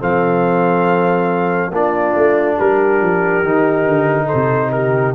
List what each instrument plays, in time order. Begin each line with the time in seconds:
0.00 tuba F3, trombone C4, horn A4, trumpet F5
1.71 tuba A#3, trombone D4, horn F4, trumpet D5
2.16 tuba A3
2.58 tuba G3, horn G4, trumpet A#4
3.01 tuba F3
3.43 tuba D#3, trombone D#4
3.85 tuba D3
4.26 horn A4, trumpet C5
4.34 tuba C3
4.72 horn G4, trumpet A#4